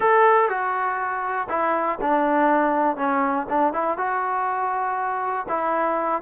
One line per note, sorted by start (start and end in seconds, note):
0.00 0.48 A4
0.48 1.48 F#4
1.49 1.98 E4
2.01 2.96 D4
2.96 3.46 C#4
3.49 3.73 D4
3.73 3.97 E4
3.97 5.46 F#4
5.48 6.21 E4